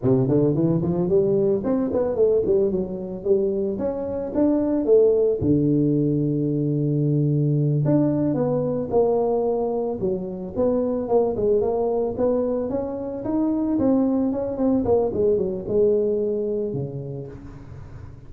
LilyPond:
\new Staff \with { instrumentName = "tuba" } { \time 4/4 \tempo 4 = 111 c8 d8 e8 f8 g4 c'8 b8 | a8 g8 fis4 g4 cis'4 | d'4 a4 d2~ | d2~ d8 d'4 b8~ |
b8 ais2 fis4 b8~ | b8 ais8 gis8 ais4 b4 cis'8~ | cis'8 dis'4 c'4 cis'8 c'8 ais8 | gis8 fis8 gis2 cis4 | }